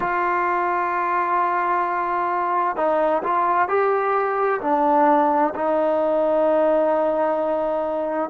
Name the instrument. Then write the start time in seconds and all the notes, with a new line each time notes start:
trombone
0.00 F4
2.76 D#4
3.23 F4
3.68 G4
4.61 D4
5.54 D#4